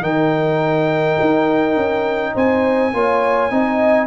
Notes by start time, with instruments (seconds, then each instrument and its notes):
0.00 tuba D#3, trombone D#4, horn A#4, trumpet G5
1.20 tuba D#4
1.76 tuba C#4
2.34 tuba C4, horn C5, trumpet G#5
2.93 tuba A#3, trombone F4, horn C#5
3.50 tuba C4, trombone D#4, horn D#5